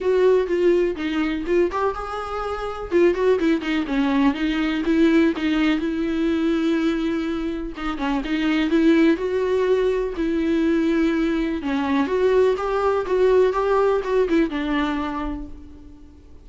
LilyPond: \new Staff \with { instrumentName = "viola" } { \time 4/4 \tempo 4 = 124 fis'4 f'4 dis'4 f'8 g'8 | gis'2 f'8 fis'8 e'8 dis'8 | cis'4 dis'4 e'4 dis'4 | e'1 |
dis'8 cis'8 dis'4 e'4 fis'4~ | fis'4 e'2. | cis'4 fis'4 g'4 fis'4 | g'4 fis'8 e'8 d'2 | }